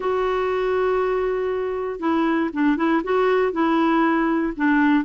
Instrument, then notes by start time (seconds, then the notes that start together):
clarinet
0.00 F#4
1.99 E4
2.53 D4
2.76 E4
3.03 F#4
3.52 E4
4.56 D4